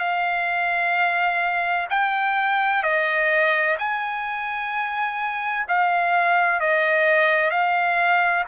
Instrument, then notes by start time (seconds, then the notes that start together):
trumpet
0.00 F5
1.90 G5
2.83 D#5
3.79 G#5
5.68 F5
6.61 D#5
7.51 F5